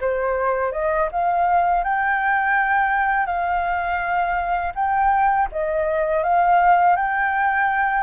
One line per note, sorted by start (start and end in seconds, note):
0.00 0.72 C5
0.72 1.08 D#5
1.11 1.83 F5
1.83 3.26 G5
3.26 4.72 F5
4.75 5.48 G5
5.51 6.23 D#5
6.23 6.95 F5
6.95 8.03 G5